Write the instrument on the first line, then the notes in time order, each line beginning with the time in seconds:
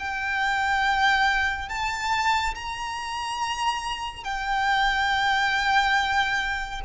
violin
0.00 G5
1.69 A5
2.55 A#5
4.24 G5